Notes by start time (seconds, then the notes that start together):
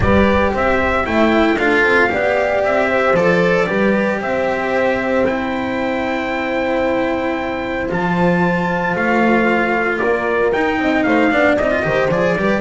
0.00 G3 G4 B4 D5
0.52 C4 C5 E5
1.04 A3 E4 E5 G5
1.57 D4 F4 A4 F5
1.83 C4
2.09 B3 G4 D5
2.63 C4 E5
2.89 C5
3.13 F3 A4 D5
3.66 G3 G4 B4
4.20 C4 C5 E5
5.26 E4 G5
7.89 F3 F4 A5
8.95 A3 F5
9.98 A#3 A#4 D5
10.52 D#4 G5
10.78 C4 D#5
11.03 A3 C5 F5
11.31 B3 D4 D5
11.57 C4 D#4 D#5
11.70 F4
11.82 D#3 G4 C5
12.09 F3 G#4 D5
12.36 G3 G4 B4